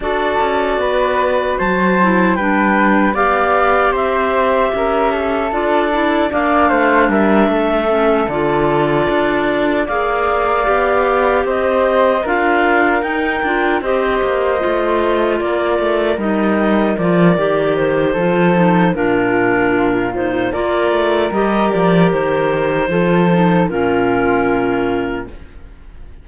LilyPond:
<<
  \new Staff \with { instrumentName = "clarinet" } { \time 4/4 \tempo 4 = 76 d''2 a''4 g''4 | f''4 e''2 d''4 | f''4 e''4. d''4.~ | d''8 f''2 dis''4 f''8~ |
f''8 g''4 dis''2 d''8~ | d''8 dis''4 d''4 c''4. | ais'4. c''8 d''4 dis''8 d''8 | c''2 ais'2 | }
  \new Staff \with { instrumentName = "flute" } { \time 4/4 a'4 b'4 c''4 b'4 | d''4 c''4 ais'8 a'4. | d''8 c''8 ais'8 a'2~ a'8~ | a'8 d''2 c''4 ais'8~ |
ais'4. c''2 ais'8~ | ais'2. a'4 | f'2 ais'2~ | ais'4 a'4 f'2 | }
  \new Staff \with { instrumentName = "clarinet" } { \time 4/4 fis'2~ fis'8 e'8 d'4 | g'2. f'8 e'8 | d'2 cis'8 f'4.~ | f'8 gis'4 g'2 f'8~ |
f'8 dis'8 f'8 g'4 f'4.~ | f'8 dis'4 f'8 g'4 f'8 dis'8 | d'4. dis'8 f'4 g'4~ | g'4 f'8 dis'8 cis'2 | }
  \new Staff \with { instrumentName = "cello" } { \time 4/4 d'8 cis'8 b4 fis4 g4 | b4 c'4 cis'4 d'4 | ais8 a8 g8 a4 d4 d'8~ | d'8 ais4 b4 c'4 d'8~ |
d'8 dis'8 d'8 c'8 ais8 a4 ais8 | a8 g4 f8 dis4 f4 | ais,2 ais8 a8 g8 f8 | dis4 f4 ais,2 | }
>>